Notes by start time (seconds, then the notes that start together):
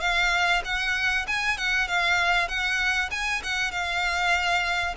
0.00 F5
0.64 F#5
1.27 G#5
1.57 F#5
1.88 F5
2.48 F#5
3.11 G#5
3.43 F#5
3.71 F5